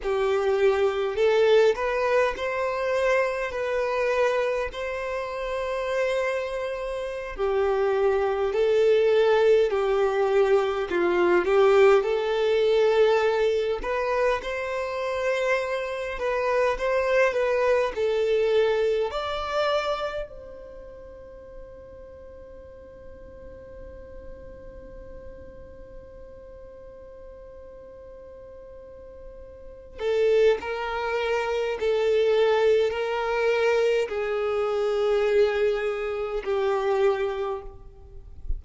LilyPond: \new Staff \with { instrumentName = "violin" } { \time 4/4 \tempo 4 = 51 g'4 a'8 b'8 c''4 b'4 | c''2~ c''16 g'4 a'8.~ | a'16 g'4 f'8 g'8 a'4. b'16~ | b'16 c''4. b'8 c''8 b'8 a'8.~ |
a'16 d''4 c''2~ c''8.~ | c''1~ | c''4. a'8 ais'4 a'4 | ais'4 gis'2 g'4 | }